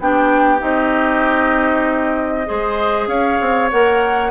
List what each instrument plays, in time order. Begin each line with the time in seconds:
0.00 bassoon B3, clarinet D4, oboe G4, flute G5
0.59 bassoon C4, clarinet D#4, flute D#5
2.46 bassoon G#3, clarinet G#4, oboe C5
3.07 bassoon C#4, oboe C#5, flute F5
3.41 bassoon C4
3.71 bassoon A#3, clarinet A#4, flute F#5